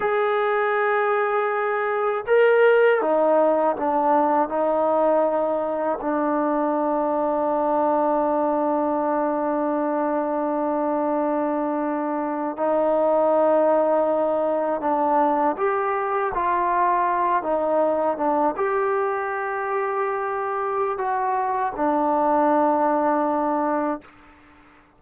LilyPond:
\new Staff \with { instrumentName = "trombone" } { \time 4/4 \tempo 4 = 80 gis'2. ais'4 | dis'4 d'4 dis'2 | d'1~ | d'1~ |
d'8. dis'2. d'16~ | d'8. g'4 f'4. dis'8.~ | dis'16 d'8 g'2.~ g'16 | fis'4 d'2. | }